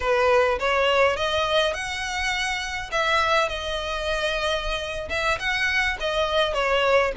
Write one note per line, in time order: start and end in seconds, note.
0.00 0.58 B4
0.59 1.16 C#5
1.16 1.73 D#5
1.73 2.90 F#5
2.91 3.48 E5
3.48 5.08 D#5
5.09 5.38 E5
5.39 5.97 F#5
6.00 6.53 D#5
6.53 7.11 C#5